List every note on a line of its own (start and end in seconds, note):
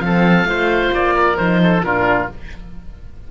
0.00 0.44 F3
0.00 0.46 C4
0.00 0.48 A4
0.00 0.91 F5
0.44 0.89 A3
0.44 1.36 F4
0.44 1.15 C5
0.92 1.38 A#3
0.92 1.37 D5
1.15 1.60 A#4
1.37 1.82 F3
1.37 1.84 D#4
1.37 1.82 C5
1.63 1.86 A4
1.82 2.28 A#2
1.82 2.31 D4
1.82 2.31 F4
1.82 2.29 A#4